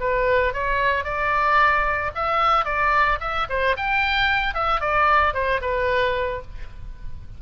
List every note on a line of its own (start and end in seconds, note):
0.00 0.54 B4
0.54 1.04 C#5
1.04 2.11 D5
2.15 2.65 E5
2.65 3.19 D5
3.20 3.47 E5
3.49 3.76 C5
3.76 4.54 G5
4.54 4.81 E5
4.81 5.34 D5
5.34 5.61 C5
5.61 6.42 B4